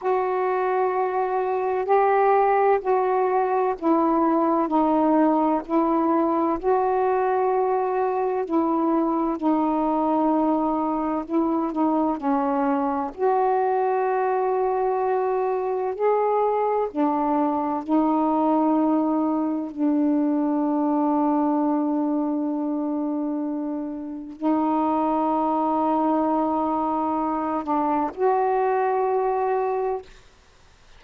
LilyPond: \new Staff \with { instrumentName = "saxophone" } { \time 4/4 \tempo 4 = 64 fis'2 g'4 fis'4 | e'4 dis'4 e'4 fis'4~ | fis'4 e'4 dis'2 | e'8 dis'8 cis'4 fis'2~ |
fis'4 gis'4 d'4 dis'4~ | dis'4 d'2.~ | d'2 dis'2~ | dis'4. d'8 fis'2 | }